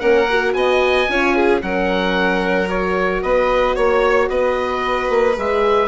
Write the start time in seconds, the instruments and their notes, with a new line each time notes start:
0.00 bassoon A#3, horn C#4, violin A#4, oboe F#5
0.30 horn F#4
0.54 bassoon B3, violin D#5, oboe G#5
1.09 bassoon C#4, horn F4, violin C#5
1.36 violin G#4
1.62 bassoon F#3, horn C#4, violin A#4, oboe F#5
2.68 horn F#4, oboe C#5
3.23 bassoon B3, violin B4, oboe D#5
3.76 bassoon A#3, violin C#5, oboe C#5
4.29 bassoon B3, violin B4, oboe D#5
5.10 bassoon A#3
5.37 bassoon G#3, horn G#4, oboe E5